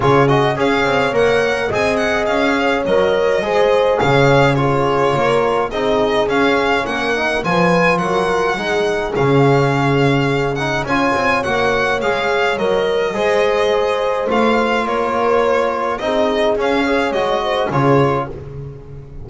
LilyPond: <<
  \new Staff \with { instrumentName = "violin" } { \time 4/4 \tempo 4 = 105 cis''8 dis''8 f''4 fis''4 gis''8 fis''8 | f''4 dis''2 f''4 | cis''2 dis''4 f''4 | fis''4 gis''4 fis''2 |
f''2~ f''8 fis''8 gis''4 | fis''4 f''4 dis''2~ | dis''4 f''4 cis''2 | dis''4 f''4 dis''4 cis''4 | }
  \new Staff \with { instrumentName = "horn" } { \time 4/4 gis'4 cis''2 dis''4~ | dis''8 cis''4. c''4 cis''4 | gis'4 ais'4 gis'2 | ais'4 b'4 ais'4 gis'4~ |
gis'2. cis''4~ | cis''2. c''4~ | c''2 ais'2 | gis'4. cis''4 c''8 gis'4 | }
  \new Staff \with { instrumentName = "trombone" } { \time 4/4 f'8 fis'8 gis'4 ais'4 gis'4~ | gis'4 ais'4 gis'2 | f'2 dis'4 cis'4~ | cis'8 dis'8 f'2 dis'4 |
cis'2~ cis'8 dis'8 f'4 | fis'4 gis'4 ais'4 gis'4~ | gis'4 f'2. | dis'4 cis'8 gis'8 fis'4 f'4 | }
  \new Staff \with { instrumentName = "double bass" } { \time 4/4 cis4 cis'8 c'8 ais4 c'4 | cis'4 fis4 gis4 cis4~ | cis4 ais4 c'4 cis'4 | ais4 f4 fis4 gis4 |
cis2. cis'8 c'8 | ais4 gis4 fis4 gis4~ | gis4 a4 ais2 | c'4 cis'4 gis4 cis4 | }
>>